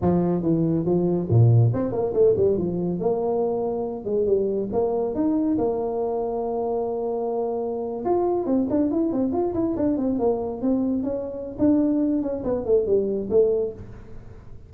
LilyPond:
\new Staff \with { instrumentName = "tuba" } { \time 4/4 \tempo 4 = 140 f4 e4 f4 ais,4 | c'8 ais8 a8 g8 f4 ais4~ | ais4. gis8 g4 ais4 | dis'4 ais2.~ |
ais2~ ais8. f'4 c'16~ | c'16 d'8 e'8 c'8 f'8 e'8 d'8 c'8 ais16~ | ais8. c'4 cis'4~ cis'16 d'4~ | d'8 cis'8 b8 a8 g4 a4 | }